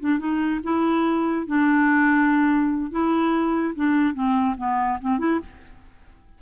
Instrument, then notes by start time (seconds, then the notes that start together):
clarinet
0.00 D4
0.18 D#4
0.63 E4
1.46 D4
2.91 E4
3.75 D4
4.14 C4
4.57 B3
5.01 C4
5.18 E4